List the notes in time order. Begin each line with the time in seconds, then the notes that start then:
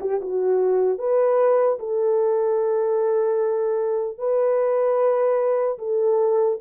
0.00 G4
0.21 F#4
0.98 B4
1.79 A4
4.18 B4
5.78 A4